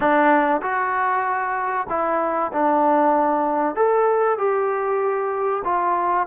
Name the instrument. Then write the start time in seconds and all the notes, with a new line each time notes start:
trombone
0.00 D4
0.61 F#4
1.89 E4
2.52 D4
3.75 A4
4.38 G4
5.64 F4